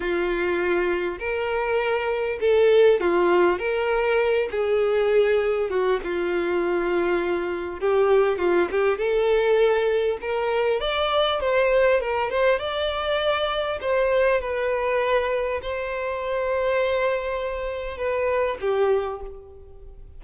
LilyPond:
\new Staff \with { instrumentName = "violin" } { \time 4/4 \tempo 4 = 100 f'2 ais'2 | a'4 f'4 ais'4. gis'8~ | gis'4. fis'8 f'2~ | f'4 g'4 f'8 g'8 a'4~ |
a'4 ais'4 d''4 c''4 | ais'8 c''8 d''2 c''4 | b'2 c''2~ | c''2 b'4 g'4 | }